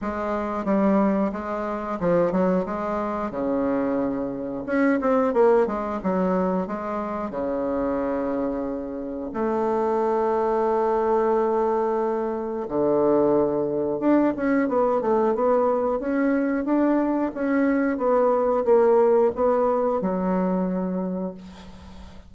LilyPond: \new Staff \with { instrumentName = "bassoon" } { \time 4/4 \tempo 4 = 90 gis4 g4 gis4 f8 fis8 | gis4 cis2 cis'8 c'8 | ais8 gis8 fis4 gis4 cis4~ | cis2 a2~ |
a2. d4~ | d4 d'8 cis'8 b8 a8 b4 | cis'4 d'4 cis'4 b4 | ais4 b4 fis2 | }